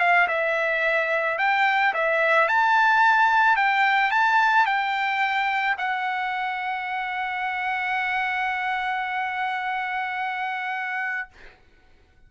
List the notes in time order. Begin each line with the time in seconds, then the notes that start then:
0.00 F5
0.28 E5
1.38 G5
1.94 E5
2.48 A5
3.56 G5
4.11 A5
4.66 G5
5.78 F#5